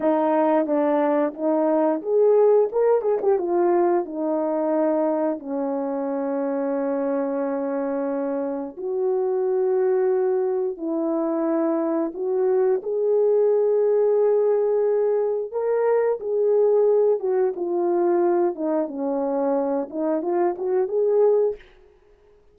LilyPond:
\new Staff \with { instrumentName = "horn" } { \time 4/4 \tempo 4 = 89 dis'4 d'4 dis'4 gis'4 | ais'8 gis'16 g'16 f'4 dis'2 | cis'1~ | cis'4 fis'2. |
e'2 fis'4 gis'4~ | gis'2. ais'4 | gis'4. fis'8 f'4. dis'8 | cis'4. dis'8 f'8 fis'8 gis'4 | }